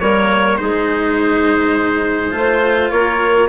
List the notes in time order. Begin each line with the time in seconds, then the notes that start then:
0.00 G3 A#3 A#4 C#5
0.57 G#3 D#4 G#4 C5
2.31 A3 F4 C5
2.90 A#3 A#4 C#5